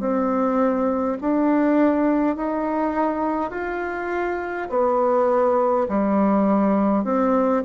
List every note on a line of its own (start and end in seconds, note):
0.00 1.18 C4
1.21 2.36 D4
2.36 3.51 D#4
3.51 4.68 F4
4.70 5.87 B3
5.88 7.04 G3
7.04 7.63 C4